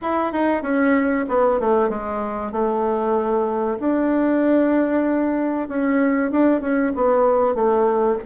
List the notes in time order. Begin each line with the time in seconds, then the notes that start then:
0.01 E4
0.32 D#4
0.62 C#4
1.28 B3
1.60 A3
1.89 G#3
2.51 A3
3.79 D4
5.68 C#4
6.31 D4
6.61 C#4
6.95 B3
7.54 A3